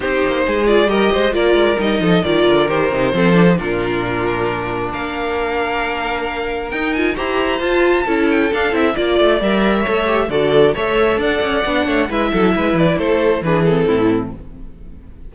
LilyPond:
<<
  \new Staff \with { instrumentName = "violin" } { \time 4/4 \tempo 4 = 134 c''4. d''8 dis''4 d''4 | dis''4 d''4 c''2 | ais'2. f''4~ | f''2. g''8 gis''8 |
ais''4 a''4. g''8 f''8 e''8 | d''4 e''2 d''4 | e''4 fis''2 e''4~ | e''8 d''8 c''4 b'8 a'4. | }
  \new Staff \with { instrumentName = "violin" } { \time 4/4 g'4 gis'4 ais'8 c''8 ais'4~ | ais'8 a'8 ais'2 a'4 | f'2. ais'4~ | ais'1 |
c''2 a'2 | d''2 cis''4 a'4 | cis''4 d''4. cis''8 b'8 a'8 | b'4 a'4 gis'4 e'4 | }
  \new Staff \with { instrumentName = "viola" } { \time 4/4 dis'4. f'8 g'4 f'4 | dis'4 f'4 g'8 dis'8 c'8 d'16 dis'16 | d'1~ | d'2. dis'8 f'8 |
g'4 f'4 e'4 d'8 e'8 | f'4 ais'4 a'8 g'8 fis'4 | a'2 d'4 e'4~ | e'2 d'8 c'4. | }
  \new Staff \with { instrumentName = "cello" } { \time 4/4 c'8 ais8 gis4 g8 gis8 ais8 gis8 | g8 f8 dis8 d8 dis8 c8 f4 | ais,2. ais4~ | ais2. dis'4 |
e'4 f'4 cis'4 d'8 c'8 | ais8 a8 g4 a4 d4 | a4 d'8 cis'8 b8 a8 gis8 fis8 | gis8 e8 a4 e4 a,4 | }
>>